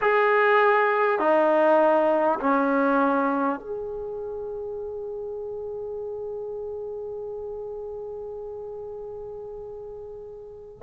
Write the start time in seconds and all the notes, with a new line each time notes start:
0.01 G#4
1.19 D#4
2.40 C#4
3.59 G#4